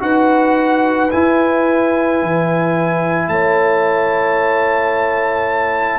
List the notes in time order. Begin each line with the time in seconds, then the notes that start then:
0.00 D#4 F#4 B4 F#5
1.11 E4 G#5
2.22 E3
3.28 A3 C#5 A5